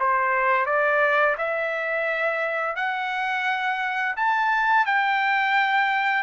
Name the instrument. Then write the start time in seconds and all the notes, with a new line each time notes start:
trumpet
0.00 C5
0.66 D5
1.38 E5
2.76 F#5
4.17 A5
4.86 G5